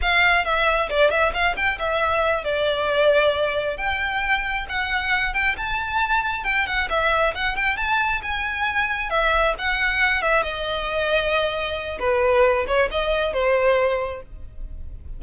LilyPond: \new Staff \with { instrumentName = "violin" } { \time 4/4 \tempo 4 = 135 f''4 e''4 d''8 e''8 f''8 g''8 | e''4. d''2~ d''8~ | d''8 g''2 fis''4. | g''8 a''2 g''8 fis''8 e''8~ |
e''8 fis''8 g''8 a''4 gis''4.~ | gis''8 e''4 fis''4. e''8 dis''8~ | dis''2. b'4~ | b'8 cis''8 dis''4 c''2 | }